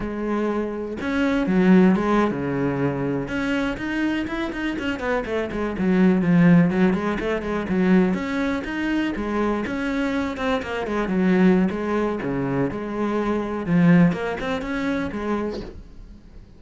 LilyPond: \new Staff \with { instrumentName = "cello" } { \time 4/4 \tempo 4 = 123 gis2 cis'4 fis4 | gis8. cis2 cis'4 dis'16~ | dis'8. e'8 dis'8 cis'8 b8 a8 gis8 fis16~ | fis8. f4 fis8 gis8 a8 gis8 fis16~ |
fis8. cis'4 dis'4 gis4 cis'16~ | cis'4~ cis'16 c'8 ais8 gis8 fis4~ fis16 | gis4 cis4 gis2 | f4 ais8 c'8 cis'4 gis4 | }